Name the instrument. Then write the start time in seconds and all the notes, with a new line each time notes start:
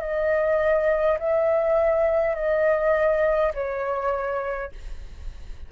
flute
0.00 D#5
1.19 E5
2.34 D#5
3.54 C#5